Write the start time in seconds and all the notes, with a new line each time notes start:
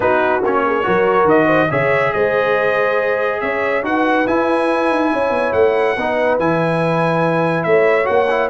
0.00 B3 D#4 F#4 B4
0.42 A#3 C#4 C#5
0.66 G#4
0.83 F#3 F#4 A#4
1.24 D#3 D#5
1.45 C5
1.70 C#3 G#4 C#5 E5
2.12 G#3 C5 D#5
3.40 C#4 C#5 E5
3.82 D#4 F#4 B4 F#5
4.26 E4 G#5
4.90 D#4
5.12 C#4 C#5
5.29 B3
5.52 A3 F#5
5.96 B3 D#4 B4
6.38 E3 E4 G#5
7.63 A3 C#5 E5
8.04 A#3 F#4 F#5
8.29 E4